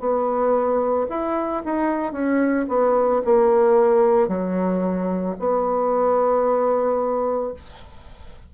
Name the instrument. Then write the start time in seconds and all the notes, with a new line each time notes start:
bassoon
0.00 B3
1.10 E4
1.65 D#4
2.13 C#4
2.69 B3
3.25 A#3
4.29 F#3
5.40 B3